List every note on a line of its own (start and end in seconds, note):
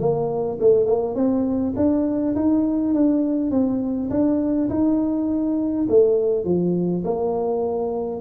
0.00 0.59 A#3
0.61 0.86 A3
0.86 1.15 A#3
1.15 1.74 C4
1.77 2.36 D4
2.36 2.94 D#4
2.94 3.51 D4
3.51 4.10 C4
4.10 4.69 D4
4.70 5.87 D#4
5.89 6.45 A3
6.45 7.04 F3
7.05 8.21 A#3